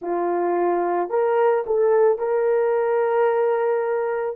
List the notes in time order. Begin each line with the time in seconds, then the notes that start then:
0.01 F4
1.09 A#4
1.66 A4
2.18 A#4